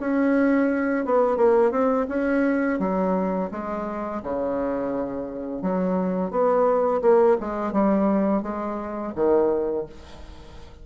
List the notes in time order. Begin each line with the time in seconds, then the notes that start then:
0.00 C#4
1.06 B3
1.37 A#3
1.71 C4
2.09 C#4
2.79 F#3
3.51 G#3
4.23 C#3
5.62 F#3
6.31 B3
7.02 A#3
7.40 G#3
7.73 G3
8.43 G#3
9.15 D#3